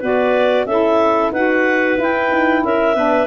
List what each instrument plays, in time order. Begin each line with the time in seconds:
0.00 tuba B3, saxophone F#4, clarinet B4 D5
0.66 tuba C#4, saxophone E4, clarinet A4 E5
1.32 tuba D#4, saxophone F#4, clarinet B4 F#5
1.97 saxophone E4, tuba E4, clarinet G5
2.32 tuba D#4
2.64 tuba C#4, clarinet A#4 E5
2.96 tuba B3, saxophone D4, clarinet B4